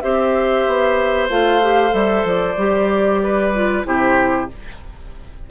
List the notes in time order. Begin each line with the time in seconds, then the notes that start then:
0.00 C4 G4 C5 E5
0.66 B3
1.29 A3 F4 F5
1.62 G4
1.90 G3 A4 E5
2.24 F3 D5
2.56 G3 G4
3.23 B4
3.54 F4
3.84 C3 E4 G4 C5